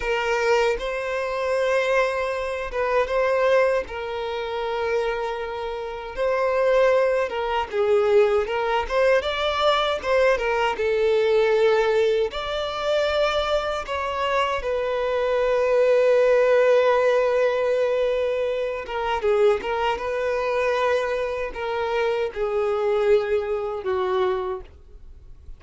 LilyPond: \new Staff \with { instrumentName = "violin" } { \time 4/4 \tempo 4 = 78 ais'4 c''2~ c''8 b'8 | c''4 ais'2. | c''4. ais'8 gis'4 ais'8 c''8 | d''4 c''8 ais'8 a'2 |
d''2 cis''4 b'4~ | b'1~ | b'8 ais'8 gis'8 ais'8 b'2 | ais'4 gis'2 fis'4 | }